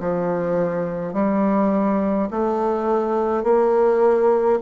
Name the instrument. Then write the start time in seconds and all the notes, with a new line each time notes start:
bassoon
0.00 F3
1.14 G3
2.31 A3
3.44 A#3